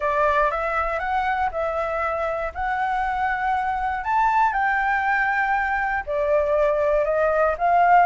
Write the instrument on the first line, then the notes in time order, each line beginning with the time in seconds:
flute
0.00 D5
0.50 E5
0.99 F#5
1.51 E5
2.54 F#5
4.04 A5
4.52 G5
6.06 D5
7.05 D#5
7.57 F5